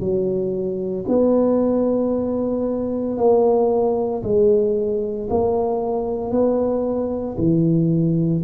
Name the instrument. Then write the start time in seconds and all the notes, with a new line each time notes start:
tuba
0.00 F#3
1.08 B3
3.17 A#3
4.23 G#3
5.30 A#3
6.31 B3
7.38 E3